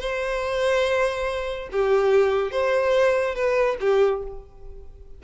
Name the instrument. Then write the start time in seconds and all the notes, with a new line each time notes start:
violin
0.00 C5
1.71 G4
2.51 C5
3.35 B4
3.80 G4